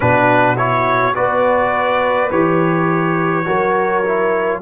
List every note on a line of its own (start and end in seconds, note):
0.00 1.16 B2
0.00 0.56 D4
0.00 1.15 F#4
0.00 0.56 B4
0.56 1.14 E4
0.56 1.14 C#5
1.14 2.31 B3
1.14 2.29 F#4
1.14 3.45 B4
1.14 2.30 D5
2.30 3.46 E3
2.30 3.45 G4
2.30 4.61 C#5
3.45 4.62 F#3
3.45 4.03 F#4
3.45 4.61 A#4
4.04 4.62 E4